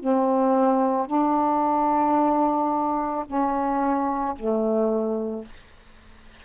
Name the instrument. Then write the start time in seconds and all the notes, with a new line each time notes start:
saxophone
0.00 C4
1.07 D4
3.26 C#4
4.36 A3